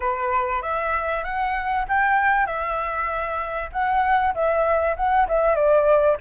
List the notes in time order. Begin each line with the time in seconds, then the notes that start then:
0.00 B4
0.62 E5
1.23 F#5
1.88 G5
2.46 E5
3.72 F#5
4.34 E5
4.96 F#5
5.28 E5
5.55 D5